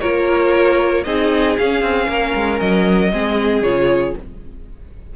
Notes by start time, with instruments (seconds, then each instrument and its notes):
0.00 cello A#3, viola F4, violin A#4 C#5
1.04 cello C4, viola D#4, violin G#4 D#5
1.57 viola C#4, cello C#4, violin F5
1.82 cello C4
2.08 cello A#3, violin A#4
2.35 cello G#3
2.60 cello F#3, violin D#5
3.12 cello G#3, viola C4, violin G#4
3.62 cello C#3, viola F4, violin C#5